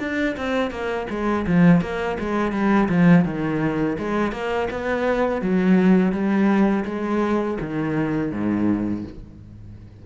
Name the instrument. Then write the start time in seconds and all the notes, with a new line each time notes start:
cello
0.00 D4
0.37 C4
0.71 A#3
1.10 G#3
1.47 F3
1.82 A#3
2.20 G#3
2.52 G3
2.89 F3
3.25 D#3
3.99 G#3
4.32 A#3
4.71 B3
5.42 F#3
6.12 G3
6.85 G#3
7.61 D#3
8.32 G#2